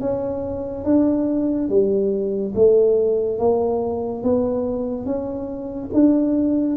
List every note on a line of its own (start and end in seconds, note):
0.00 0.84 C#4
0.84 1.69 D4
1.69 2.53 G3
2.54 3.38 A3
3.38 4.23 A#3
4.23 5.05 B3
5.05 5.90 C#4
5.93 6.76 D4